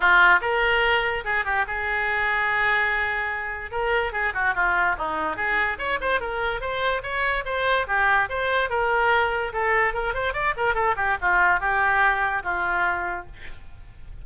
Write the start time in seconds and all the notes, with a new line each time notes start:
0.00 F4
0.41 A#4
1.24 G#4
1.45 G4
1.67 G#4
3.71 A#4
4.12 G#4
4.33 F#4
4.54 F4
4.98 D#4
5.36 G#4
5.78 C#5
6.00 C5
6.20 A#4
6.60 C5
7.03 C#5
7.45 C5
7.87 G4
8.29 C5
8.69 A#4
9.52 A4
9.93 A#4
10.14 C5
10.33 D5
10.56 A#4
10.74 A4
10.96 G4
11.21 F4
11.60 G4
12.43 F4